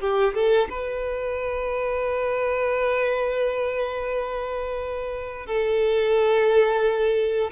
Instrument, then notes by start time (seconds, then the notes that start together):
violin
0.00 G4
0.34 A4
0.70 B4
5.47 A4